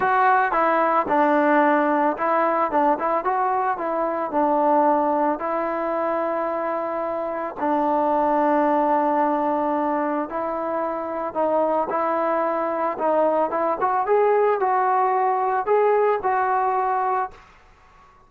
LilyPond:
\new Staff \with { instrumentName = "trombone" } { \time 4/4 \tempo 4 = 111 fis'4 e'4 d'2 | e'4 d'8 e'8 fis'4 e'4 | d'2 e'2~ | e'2 d'2~ |
d'2. e'4~ | e'4 dis'4 e'2 | dis'4 e'8 fis'8 gis'4 fis'4~ | fis'4 gis'4 fis'2 | }